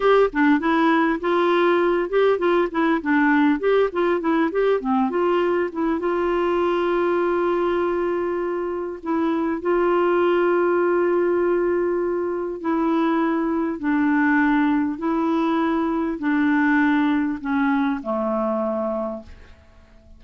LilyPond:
\new Staff \with { instrumentName = "clarinet" } { \time 4/4 \tempo 4 = 100 g'8 d'8 e'4 f'4. g'8 | f'8 e'8 d'4 g'8 f'8 e'8 g'8 | c'8 f'4 e'8 f'2~ | f'2. e'4 |
f'1~ | f'4 e'2 d'4~ | d'4 e'2 d'4~ | d'4 cis'4 a2 | }